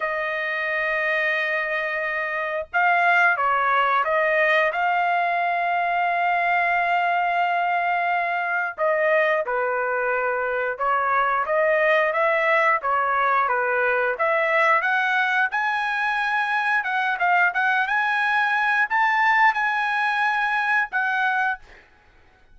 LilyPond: \new Staff \with { instrumentName = "trumpet" } { \time 4/4 \tempo 4 = 89 dis''1 | f''4 cis''4 dis''4 f''4~ | f''1~ | f''4 dis''4 b'2 |
cis''4 dis''4 e''4 cis''4 | b'4 e''4 fis''4 gis''4~ | gis''4 fis''8 f''8 fis''8 gis''4. | a''4 gis''2 fis''4 | }